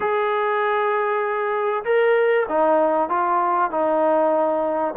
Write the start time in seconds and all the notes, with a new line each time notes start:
0.00 G#4
1.84 A#4
2.48 D#4
3.09 F4
3.70 D#4